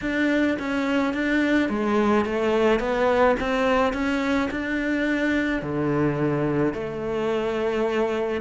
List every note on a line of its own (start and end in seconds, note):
0.01 0.57 D4
0.58 1.13 C#4
1.13 1.69 D4
1.69 2.25 G#3
2.25 2.79 A3
2.79 3.35 B3
3.40 3.93 C4
3.93 4.49 C#4
4.50 5.62 D4
5.62 6.73 D3
6.73 8.41 A3